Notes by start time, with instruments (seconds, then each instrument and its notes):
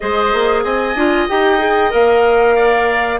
0.00 bassoon G#3, clarinet G#4, oboe C5, flute D#5
0.33 bassoon A#3
0.63 bassoon C4, oboe D#5, flute G#5
0.95 bassoon D4, clarinet F4
1.28 bassoon D#4, clarinet G4, flute G5
1.58 clarinet G#4
1.90 bassoon A#3, clarinet A#4, flute F5
2.55 oboe D5